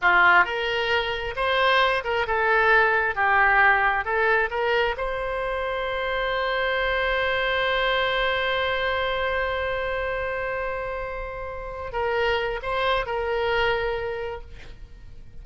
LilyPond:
\new Staff \with { instrumentName = "oboe" } { \time 4/4 \tempo 4 = 133 f'4 ais'2 c''4~ | c''8 ais'8 a'2 g'4~ | g'4 a'4 ais'4 c''4~ | c''1~ |
c''1~ | c''1~ | c''2~ c''8 ais'4. | c''4 ais'2. | }